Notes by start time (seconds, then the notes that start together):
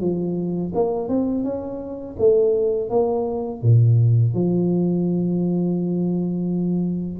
0.00 F3
0.74 A#3
1.08 C4
1.43 C#4
2.19 A3
2.89 A#3
3.61 A#2
4.34 F3